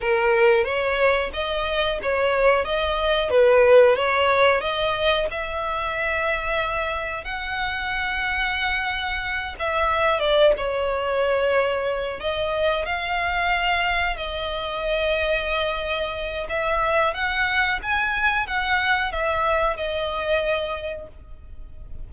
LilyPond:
\new Staff \with { instrumentName = "violin" } { \time 4/4 \tempo 4 = 91 ais'4 cis''4 dis''4 cis''4 | dis''4 b'4 cis''4 dis''4 | e''2. fis''4~ | fis''2~ fis''8 e''4 d''8 |
cis''2~ cis''8 dis''4 f''8~ | f''4. dis''2~ dis''8~ | dis''4 e''4 fis''4 gis''4 | fis''4 e''4 dis''2 | }